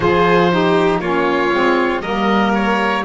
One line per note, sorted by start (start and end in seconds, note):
0.00 0.99 F3
0.00 0.51 F4
0.00 0.51 G#4
0.00 0.99 C5
0.51 1.02 D#4
0.51 1.00 G4
0.99 1.50 A#3
0.99 1.52 C#4
0.99 2.01 F4
0.99 2.01 C#5
1.52 2.03 G#3
1.52 2.03 C4
2.01 3.04 G3
2.01 3.04 A#3
2.01 3.03 A#4
2.01 2.51 D#5
2.54 3.04 C#5